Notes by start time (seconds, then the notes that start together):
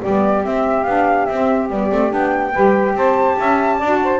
0.00 G3 B3 G4 D5
0.43 C4 E5
0.83 B3 D4 F5
1.25 C4 E5
1.69 G3 B3 D5
1.91 A3 C4
2.09 B3 D4 G5
2.53 G3 G4 B4
2.94 C4 C5 A5
3.38 C#4 E5
3.77 D4 D5
3.84 F#4
4.03 C5